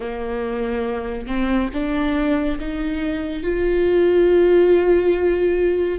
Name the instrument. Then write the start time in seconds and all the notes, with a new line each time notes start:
viola
0.00 A#3
1.27 C4
1.73 D4
2.59 D#4
3.43 F4